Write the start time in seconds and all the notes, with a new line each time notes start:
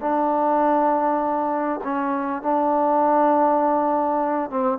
0.00 D4
1.84 C#4
2.42 D4
4.50 C4